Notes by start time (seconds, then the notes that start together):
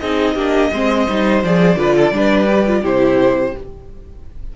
0.00 C4 D#4 G#4 D#5
0.36 A#3 D4 G4
0.72 G#3 C4 C5
1.09 G3 D#4
1.44 F3 G#4 D5
1.76 D3 F4 B4
1.96 A4
2.12 G3 D4 B4
2.47 G4
2.67 F4
2.81 C3 E4 G4 C5